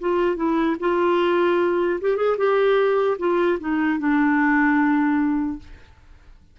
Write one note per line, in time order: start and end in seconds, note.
0.00 0.36 F4
0.36 0.76 E4
0.80 2.00 F4
2.01 2.16 G4
2.16 2.36 G#4
2.37 3.17 G4
3.18 3.58 F4
3.60 3.99 D#4
3.99 5.59 D4